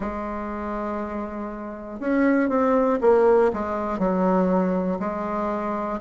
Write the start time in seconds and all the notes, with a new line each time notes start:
0.00 G#3
2.00 C#4
2.49 C4
3.00 A#3
3.53 G#3
3.98 F#3
5.00 G#3